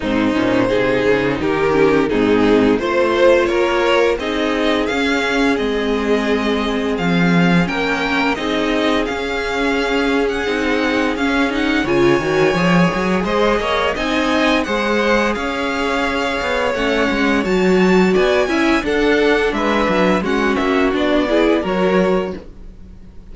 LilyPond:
<<
  \new Staff \with { instrumentName = "violin" } { \time 4/4 \tempo 4 = 86 c''2 ais'4 gis'4 | c''4 cis''4 dis''4 f''4 | dis''2 f''4 g''4 | dis''4 f''4.~ f''16 fis''4~ fis''16 |
f''8 fis''8 gis''2 dis''4 | gis''4 fis''4 f''2 | fis''4 a''4 gis''4 fis''4 | e''4 fis''8 e''8 d''4 cis''4 | }
  \new Staff \with { instrumentName = "violin" } { \time 4/4 dis'4 gis'4 g'4 dis'4 | c''4 ais'4 gis'2~ | gis'2. ais'4 | gis'1~ |
gis'4 cis''2 c''8 cis''8 | dis''4 c''4 cis''2~ | cis''2 d''8 e''8 a'4 | b'4 fis'4. gis'8 ais'4 | }
  \new Staff \with { instrumentName = "viola" } { \time 4/4 c'8 cis'8 dis'4. cis'8 c'4 | f'2 dis'4 cis'4 | c'2. cis'4 | dis'4 cis'2 dis'4 |
cis'8 dis'8 f'8 fis'8 gis'2 | dis'4 gis'2. | cis'4 fis'4. e'8 d'4~ | d'4 cis'4 d'8 e'8 fis'4 | }
  \new Staff \with { instrumentName = "cello" } { \time 4/4 gis,8 ais,8 c8 cis8 dis4 gis,4 | a4 ais4 c'4 cis'4 | gis2 f4 ais4 | c'4 cis'2 c'4 |
cis'4 cis8 dis8 f8 fis8 gis8 ais8 | c'4 gis4 cis'4. b8 | a8 gis8 fis4 b8 cis'8 d'4 | gis8 fis8 gis8 ais8 b4 fis4 | }
>>